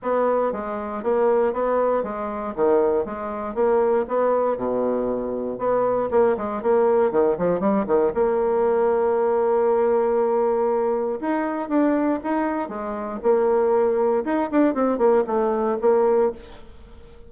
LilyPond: \new Staff \with { instrumentName = "bassoon" } { \time 4/4 \tempo 4 = 118 b4 gis4 ais4 b4 | gis4 dis4 gis4 ais4 | b4 b,2 b4 | ais8 gis8 ais4 dis8 f8 g8 dis8 |
ais1~ | ais2 dis'4 d'4 | dis'4 gis4 ais2 | dis'8 d'8 c'8 ais8 a4 ais4 | }